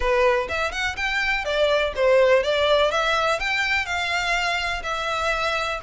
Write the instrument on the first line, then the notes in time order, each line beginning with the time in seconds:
violin
0.00 B4
0.48 E5
0.71 F#5
0.96 G5
1.45 D5
1.95 C5
2.43 D5
2.91 E5
3.39 G5
3.85 F5
4.83 E5